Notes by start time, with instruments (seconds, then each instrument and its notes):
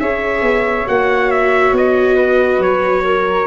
0.00 tuba C#4, viola G#4, flute C#5, trumpet E5
0.42 tuba B3
0.86 tuba A#3, viola F#4, trumpet F#5
1.31 trumpet E5
1.73 tuba B3, trumpet D#5
2.16 flute B4
2.59 tuba F#3, trumpet C#5
3.04 flute A#4